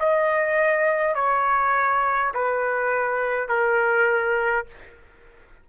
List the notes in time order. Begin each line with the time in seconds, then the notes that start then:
0.00 D#5
1.16 C#5
2.34 B4
3.49 A#4